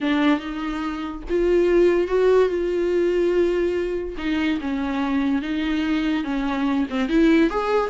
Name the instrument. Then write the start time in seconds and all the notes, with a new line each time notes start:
viola
0.00 D4
0.39 D#4
1.29 F4
2.07 F#4
2.48 F4
4.17 D#4
4.61 C#4
5.42 D#4
6.24 C#4
6.90 C4
7.08 E4
7.49 G#4